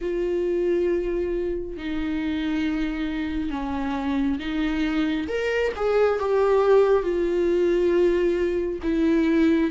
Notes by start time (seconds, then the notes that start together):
0.01 F4
1.77 D#4
3.50 C#4
4.39 D#4
5.28 A#4
5.76 G#4
6.19 G4
7.02 F4
8.82 E4